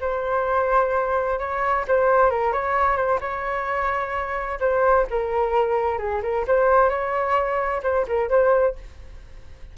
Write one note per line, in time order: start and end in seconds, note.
0.00 1.38 C5
1.38 1.85 C#5
1.88 2.30 C5
2.30 2.52 A#4
2.52 2.96 C#5
2.96 3.19 C5
3.20 4.59 C#5
4.60 5.06 C5
5.10 5.98 A#4
5.98 6.21 G#4
6.22 6.45 A#4
6.47 6.89 C5
6.89 7.81 C#5
7.82 8.05 C5
8.07 8.29 A#4
8.29 8.75 C5